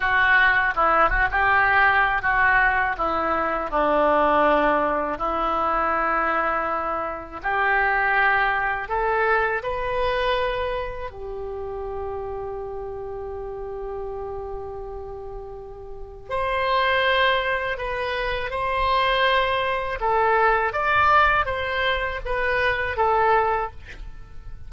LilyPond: \new Staff \with { instrumentName = "oboe" } { \time 4/4 \tempo 4 = 81 fis'4 e'8 fis'16 g'4~ g'16 fis'4 | e'4 d'2 e'4~ | e'2 g'2 | a'4 b'2 g'4~ |
g'1~ | g'2 c''2 | b'4 c''2 a'4 | d''4 c''4 b'4 a'4 | }